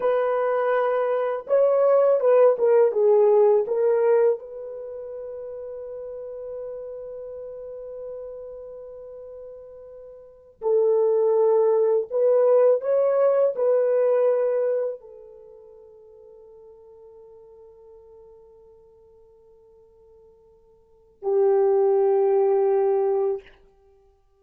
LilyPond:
\new Staff \with { instrumentName = "horn" } { \time 4/4 \tempo 4 = 82 b'2 cis''4 b'8 ais'8 | gis'4 ais'4 b'2~ | b'1~ | b'2~ b'8 a'4.~ |
a'8 b'4 cis''4 b'4.~ | b'8 a'2.~ a'8~ | a'1~ | a'4 g'2. | }